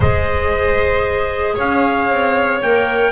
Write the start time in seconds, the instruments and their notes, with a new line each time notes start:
0.00 double bass G#3, clarinet G#4, violin C5, trumpet D#5
1.55 double bass C#4, violin C#5, trumpet F5
2.09 double bass C4
2.62 double bass A#3, clarinet A#4, trumpet G5